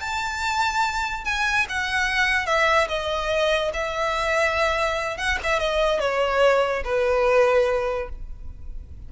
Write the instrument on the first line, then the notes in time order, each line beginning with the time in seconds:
violin
0.00 A5
1.24 G#5
1.69 F#5
2.46 E5
2.88 D#5
3.73 E5
5.17 F#5
5.43 E5
5.59 D#5
5.99 C#5
6.84 B4